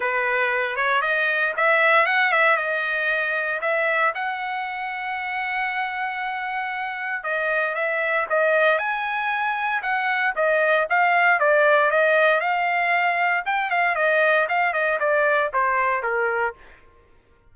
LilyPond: \new Staff \with { instrumentName = "trumpet" } { \time 4/4 \tempo 4 = 116 b'4. cis''8 dis''4 e''4 | fis''8 e''8 dis''2 e''4 | fis''1~ | fis''2 dis''4 e''4 |
dis''4 gis''2 fis''4 | dis''4 f''4 d''4 dis''4 | f''2 g''8 f''8 dis''4 | f''8 dis''8 d''4 c''4 ais'4 | }